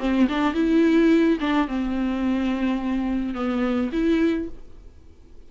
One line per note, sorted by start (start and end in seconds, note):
0.00 0.28 C4
0.29 0.55 D4
0.55 1.39 E4
1.41 1.68 D4
1.68 3.35 C4
3.35 3.91 B3
3.93 4.49 E4